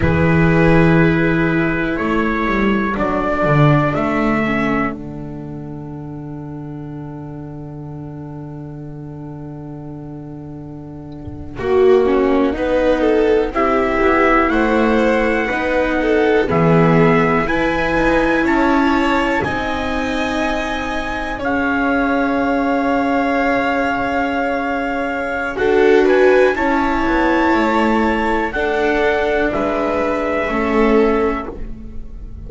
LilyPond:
<<
  \new Staff \with { instrumentName = "trumpet" } { \time 4/4 \tempo 4 = 61 b'2 cis''4 d''4 | e''4 fis''2.~ | fis''1~ | fis''4.~ fis''16 e''4 fis''4~ fis''16~ |
fis''8. e''4 gis''4 a''4 gis''16~ | gis''4.~ gis''16 f''2~ f''16~ | f''2 fis''8 gis''8 a''4~ | a''4 fis''4 e''2 | }
  \new Staff \with { instrumentName = "violin" } { \time 4/4 gis'2 a'2~ | a'1~ | a'2.~ a'8. fis'16~ | fis'8. b'8 a'8 g'4 c''4 b'16~ |
b'16 a'8 gis'4 b'4 cis''4 dis''16~ | dis''4.~ dis''16 cis''2~ cis''16~ | cis''2 a'8 b'8 cis''4~ | cis''4 a'4 b'4 a'4 | }
  \new Staff \with { instrumentName = "viola" } { \time 4/4 e'2. d'4~ | d'8 cis'8 d'2.~ | d'2.~ d'8. fis'16~ | fis'16 cis'8 dis'4 e'2 dis'16~ |
dis'8. b4 e'2 dis'16~ | dis'4.~ dis'16 gis'2~ gis'16~ | gis'2 fis'4 e'4~ | e'4 d'2 cis'4 | }
  \new Staff \with { instrumentName = "double bass" } { \time 4/4 e2 a8 g8 fis8 d8 | a4 d2.~ | d2.~ d8. ais16~ | ais8. b4 c'8 b8 a4 b16~ |
b8. e4 e'8 dis'8 cis'4 c'16~ | c'4.~ c'16 cis'2~ cis'16~ | cis'2 d'4 cis'8 b8 | a4 d'4 gis4 a4 | }
>>